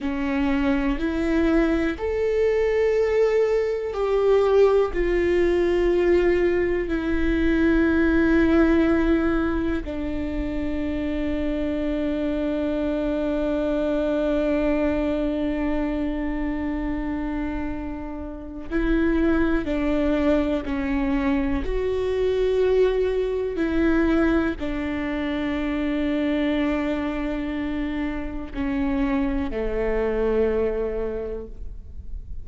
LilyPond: \new Staff \with { instrumentName = "viola" } { \time 4/4 \tempo 4 = 61 cis'4 e'4 a'2 | g'4 f'2 e'4~ | e'2 d'2~ | d'1~ |
d'2. e'4 | d'4 cis'4 fis'2 | e'4 d'2.~ | d'4 cis'4 a2 | }